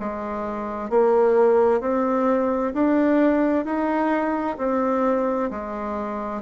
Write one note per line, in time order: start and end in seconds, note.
0.00 0.90 G#3
0.90 1.81 A#3
1.81 2.73 C4
2.74 3.65 D4
3.65 4.57 D#4
4.58 5.50 C4
5.51 6.42 G#3